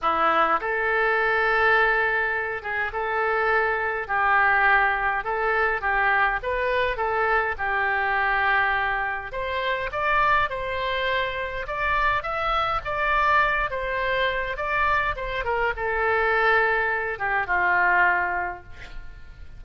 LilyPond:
\new Staff \with { instrumentName = "oboe" } { \time 4/4 \tempo 4 = 103 e'4 a'2.~ | a'8 gis'8 a'2 g'4~ | g'4 a'4 g'4 b'4 | a'4 g'2. |
c''4 d''4 c''2 | d''4 e''4 d''4. c''8~ | c''4 d''4 c''8 ais'8 a'4~ | a'4. g'8 f'2 | }